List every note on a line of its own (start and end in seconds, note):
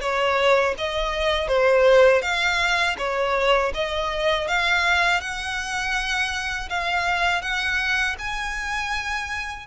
0.00 0.74 C#5
0.77 1.47 D#5
1.47 2.22 C5
2.22 2.96 F5
2.98 3.72 C#5
3.74 4.47 D#5
4.47 5.20 F5
5.20 6.68 F#5
6.69 7.41 F5
7.41 8.15 F#5
8.18 9.66 G#5